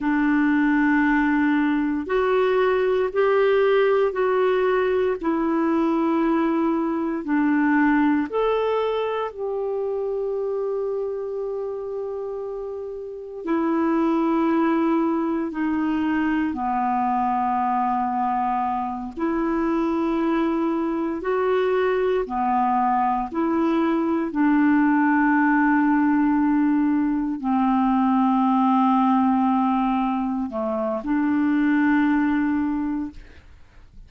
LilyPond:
\new Staff \with { instrumentName = "clarinet" } { \time 4/4 \tempo 4 = 58 d'2 fis'4 g'4 | fis'4 e'2 d'4 | a'4 g'2.~ | g'4 e'2 dis'4 |
b2~ b8 e'4.~ | e'8 fis'4 b4 e'4 d'8~ | d'2~ d'8 c'4.~ | c'4. a8 d'2 | }